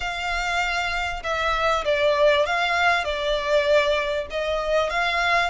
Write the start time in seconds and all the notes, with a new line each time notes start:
0.00 F5
1.23 E5
1.85 D5
2.46 F5
3.04 D5
4.30 D#5
4.90 F5